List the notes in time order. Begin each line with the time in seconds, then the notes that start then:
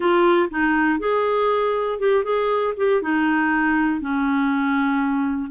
0.00 F4
0.50 D#4
0.99 G#4
1.99 G4
2.24 G#4
2.76 G4
3.01 D#4
4.00 C#4